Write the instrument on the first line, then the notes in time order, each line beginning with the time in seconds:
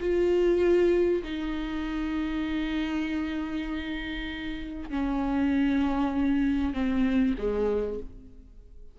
viola
0.00 F4
1.23 D#4
4.90 C#4
6.73 C4
7.38 G#3